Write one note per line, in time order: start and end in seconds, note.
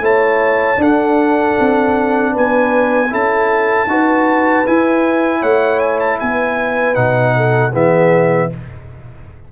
0.00 0.77 A3
0.00 0.77 E4
0.00 0.80 C#5
0.00 0.82 A5
0.77 3.08 D4
0.77 1.54 D4
0.77 2.32 A4
0.77 2.36 F#5
1.59 2.36 C4
2.32 3.13 B3
2.32 3.09 B4
2.32 3.14 G#5
3.10 3.87 C#4
3.10 3.87 E4
3.10 3.88 A4
3.10 4.67 A5
3.87 4.64 D#4
3.87 4.66 F#4
3.87 5.40 B4
4.67 6.95 E4
4.67 5.42 E4
4.67 5.42 G#5
5.40 6.19 A3
5.40 6.17 C#5
5.40 5.79 F#5
5.79 5.99 G#5
6.00 6.19 A5
6.20 6.97 B3
6.20 7.36 B4
6.20 6.95 G#5
6.95 7.73 B2
6.95 7.72 D#4
6.95 7.72 F#5
7.37 7.72 A4
7.72 8.50 E3
7.72 8.50 B3
7.72 8.49 G#4
7.72 8.52 E5